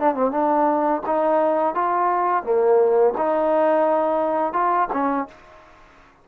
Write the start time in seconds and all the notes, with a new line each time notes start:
0.00 D4
0.15 C4
0.32 D4
1.07 D#4
1.75 F4
2.44 A#3
3.18 D#4
4.53 F4
4.93 C#4